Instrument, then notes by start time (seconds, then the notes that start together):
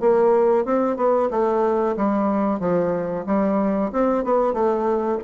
bassoon
0.00 A#3
0.65 C4
0.97 B3
1.30 A3
1.97 G3
2.60 F3
3.26 G3
3.92 C4
4.24 B3
4.53 A3